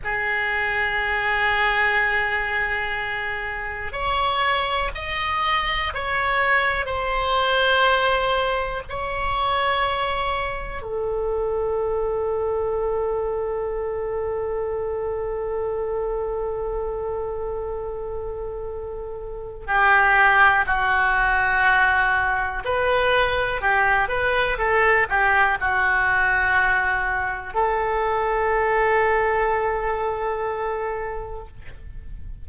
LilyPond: \new Staff \with { instrumentName = "oboe" } { \time 4/4 \tempo 4 = 61 gis'1 | cis''4 dis''4 cis''4 c''4~ | c''4 cis''2 a'4~ | a'1~ |
a'1 | g'4 fis'2 b'4 | g'8 b'8 a'8 g'8 fis'2 | a'1 | }